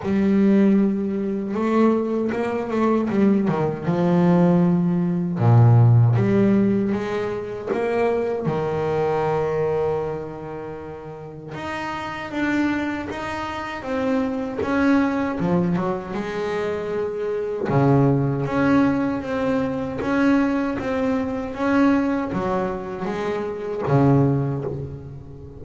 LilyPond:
\new Staff \with { instrumentName = "double bass" } { \time 4/4 \tempo 4 = 78 g2 a4 ais8 a8 | g8 dis8 f2 ais,4 | g4 gis4 ais4 dis4~ | dis2. dis'4 |
d'4 dis'4 c'4 cis'4 | f8 fis8 gis2 cis4 | cis'4 c'4 cis'4 c'4 | cis'4 fis4 gis4 cis4 | }